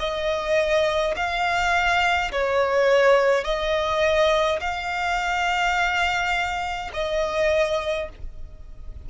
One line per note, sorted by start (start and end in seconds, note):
0.00 1.15 D#5
1.16 2.32 F5
2.32 3.45 C#5
3.45 4.60 D#5
4.60 6.91 F5
6.94 8.09 D#5